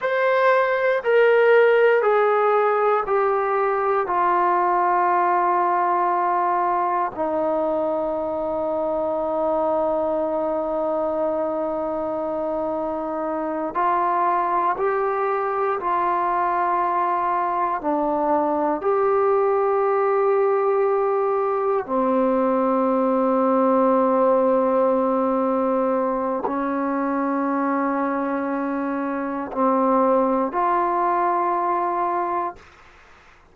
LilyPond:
\new Staff \with { instrumentName = "trombone" } { \time 4/4 \tempo 4 = 59 c''4 ais'4 gis'4 g'4 | f'2. dis'4~ | dis'1~ | dis'4. f'4 g'4 f'8~ |
f'4. d'4 g'4.~ | g'4. c'2~ c'8~ | c'2 cis'2~ | cis'4 c'4 f'2 | }